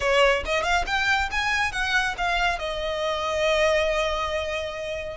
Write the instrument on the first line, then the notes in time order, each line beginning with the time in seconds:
violin
0.00 C#5
0.45 D#5
0.63 F5
0.86 G5
1.31 G#5
1.71 F#5
2.17 F5
2.58 D#5